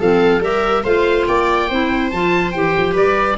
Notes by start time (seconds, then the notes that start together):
0.00 F3 C4 A4 F5
0.41 G3 G4 A#4 E5
0.84 A3 F4 C5 F5
1.27 A#3 D5 G5
1.68 C4 E4 C5
2.11 F3 F4 A5
2.52 E3 G4 G5
2.78 F3
2.93 G3 B4 D5